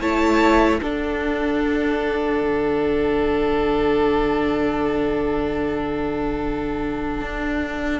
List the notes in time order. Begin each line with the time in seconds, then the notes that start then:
0.00 A3 E4 C#5 A5
0.81 D4 A4 F#5
2.41 D3
7.21 D4